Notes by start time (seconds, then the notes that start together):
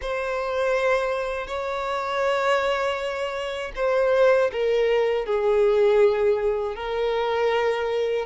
0.01 C5
1.47 C#5
3.75 C5
4.52 A#4
5.25 G#4
6.75 A#4